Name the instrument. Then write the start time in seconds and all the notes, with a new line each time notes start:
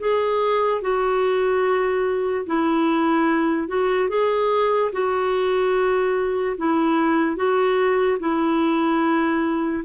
clarinet
0.00 G#4
0.82 F#4
2.47 E4
3.68 F#4
4.10 G#4
4.93 F#4
6.58 E4
7.37 F#4
8.20 E4